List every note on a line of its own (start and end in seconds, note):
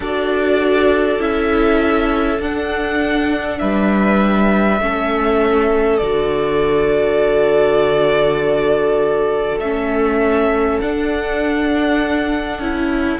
0.00 1.18 D4
0.00 1.19 F#4
0.00 3.58 A4
0.00 1.21 D5
1.19 2.39 C#4
1.19 2.39 E4
1.19 2.41 E5
2.39 3.59 D4
2.39 4.79 D4
2.39 3.58 F#5
3.58 4.79 G3
3.58 4.80 B4
3.58 5.97 E5
4.79 5.99 A3
4.79 6.00 C#4
4.79 13.20 A4
5.97 9.59 D3
5.97 9.62 F#4
5.97 9.57 D5
9.59 10.79 A3
9.59 10.82 C#4
9.59 10.79 E5
10.81 12.61 D4
10.81 12.59 D4
10.81 13.20 F#5
12.59 13.19 C#4
12.59 13.20 E4